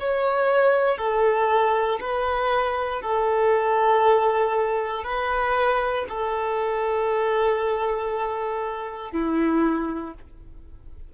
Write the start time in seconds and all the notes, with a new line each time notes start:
0.00 C#5
0.98 A4
2.00 B4
3.02 A4
5.04 B4
6.09 A4
9.12 E4